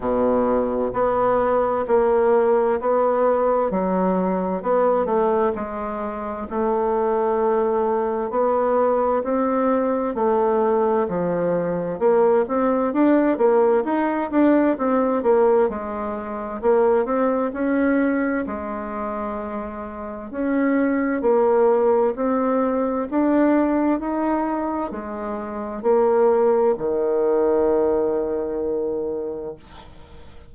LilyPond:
\new Staff \with { instrumentName = "bassoon" } { \time 4/4 \tempo 4 = 65 b,4 b4 ais4 b4 | fis4 b8 a8 gis4 a4~ | a4 b4 c'4 a4 | f4 ais8 c'8 d'8 ais8 dis'8 d'8 |
c'8 ais8 gis4 ais8 c'8 cis'4 | gis2 cis'4 ais4 | c'4 d'4 dis'4 gis4 | ais4 dis2. | }